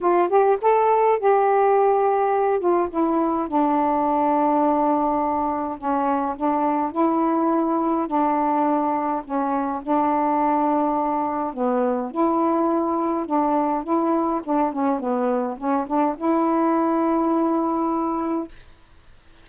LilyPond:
\new Staff \with { instrumentName = "saxophone" } { \time 4/4 \tempo 4 = 104 f'8 g'8 a'4 g'2~ | g'8 f'8 e'4 d'2~ | d'2 cis'4 d'4 | e'2 d'2 |
cis'4 d'2. | b4 e'2 d'4 | e'4 d'8 cis'8 b4 cis'8 d'8 | e'1 | }